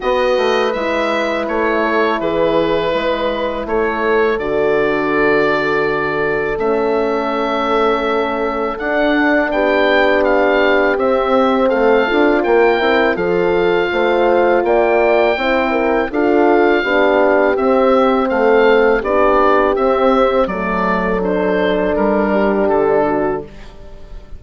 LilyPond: <<
  \new Staff \with { instrumentName = "oboe" } { \time 4/4 \tempo 4 = 82 dis''4 e''4 cis''4 b'4~ | b'4 cis''4 d''2~ | d''4 e''2. | fis''4 g''4 f''4 e''4 |
f''4 g''4 f''2 | g''2 f''2 | e''4 f''4 d''4 e''4 | d''4 c''4 ais'4 a'4 | }
  \new Staff \with { instrumentName = "horn" } { \time 4/4 b'2~ b'8 a'8 gis'4 | b'4 a'2.~ | a'1~ | a'4 g'2. |
a'4 ais'4 a'4 c''4 | d''4 c''8 ais'8 a'4 g'4~ | g'4 a'4 g'2 | a'2~ a'8 g'4 fis'8 | }
  \new Staff \with { instrumentName = "horn" } { \time 4/4 fis'4 e'2.~ | e'2 fis'2~ | fis'4 cis'2. | d'2. c'4~ |
c'8 f'4 e'8 f'2~ | f'4 e'4 f'4 d'4 | c'2 d'4 c'4 | a4 d'2. | }
  \new Staff \with { instrumentName = "bassoon" } { \time 4/4 b8 a8 gis4 a4 e4 | gis4 a4 d2~ | d4 a2. | d'4 b2 c'4 |
a8 d'8 ais8 c'8 f4 a4 | ais4 c'4 d'4 b4 | c'4 a4 b4 c'4 | fis2 g4 d4 | }
>>